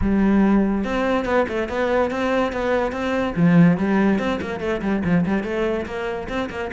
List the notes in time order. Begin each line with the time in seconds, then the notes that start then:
0.01 G3
0.84 C4
1.25 B3
1.48 A3
1.68 B3
2.11 C4
2.52 B3
2.92 C4
3.35 F3
3.77 G3
4.18 C4
4.41 A#3
4.60 A3
4.81 G3
5.04 F3
5.25 G3
5.43 A3
5.86 A#3
6.28 C4
6.50 A#3